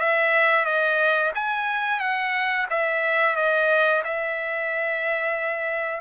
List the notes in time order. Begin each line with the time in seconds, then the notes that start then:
0.00 E5
0.66 D#5
1.35 G#5
2.00 F#5
2.71 E5
3.36 D#5
4.05 E5